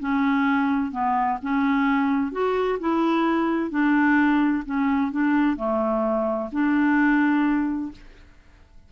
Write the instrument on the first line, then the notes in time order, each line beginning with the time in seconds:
clarinet
0.00 C#4
0.92 B3
1.42 C#4
2.33 F#4
2.80 E4
3.71 D4
4.66 C#4
5.12 D4
5.57 A3
6.52 D4